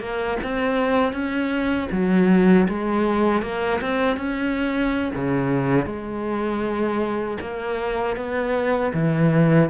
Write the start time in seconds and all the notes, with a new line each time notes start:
0.00 A#3
0.43 C4
1.13 C#4
1.91 F#3
2.68 G#3
3.42 A#3
3.81 C4
4.17 C#4
5.15 C#3
5.86 G#3
7.41 A#3
8.16 B3
8.93 E3